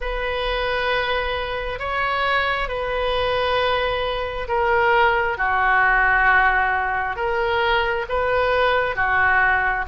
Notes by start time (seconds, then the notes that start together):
0.00 B4
1.79 C#5
2.68 B4
4.48 A#4
5.37 F#4
7.16 A#4
8.08 B4
8.95 F#4